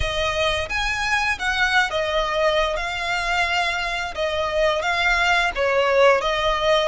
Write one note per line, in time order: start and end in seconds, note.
0.00 0.68 D#5
0.69 1.38 G#5
1.38 1.90 F#5
1.90 2.76 D#5
2.76 4.14 F5
4.14 4.82 D#5
4.82 5.51 F5
5.55 6.21 C#5
6.21 6.88 D#5